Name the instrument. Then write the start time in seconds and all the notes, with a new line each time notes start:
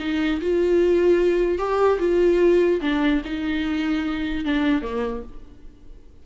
viola
0.00 D#4
0.41 F4
1.58 G4
1.99 F4
2.82 D4
3.25 D#4
4.45 D4
4.82 A#3